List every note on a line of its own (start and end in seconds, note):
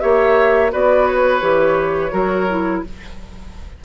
0.00 0.74 A#3
0.00 0.71 G4
0.00 0.72 C#5
0.00 0.71 E5
0.71 1.42 B3
0.71 1.40 F#4
0.71 2.12 B4
0.71 1.07 D5
1.07 2.84 C#5
1.40 2.12 E3
1.40 2.10 G4
2.10 2.83 F#3
2.10 2.46 F#4
2.10 2.83 A#4
2.49 2.85 E4